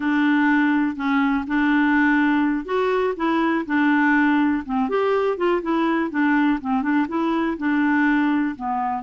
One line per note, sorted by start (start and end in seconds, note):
0.00 0.96 D4
0.96 1.44 C#4
1.47 2.65 D4
2.65 3.14 F#4
3.16 3.65 E4
3.66 4.63 D4
4.65 4.89 C4
4.89 5.37 G4
5.37 5.61 F4
5.61 6.10 E4
6.10 6.59 D4
6.60 6.82 C4
6.82 7.06 D4
7.08 7.57 E4
7.57 8.55 D4
8.55 9.02 B3